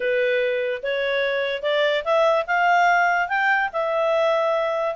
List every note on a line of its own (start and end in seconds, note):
0.00 0.81 B4
0.82 1.62 C#5
1.62 2.03 D5
2.04 2.45 E5
2.46 3.28 F5
3.28 3.69 G5
3.72 4.95 E5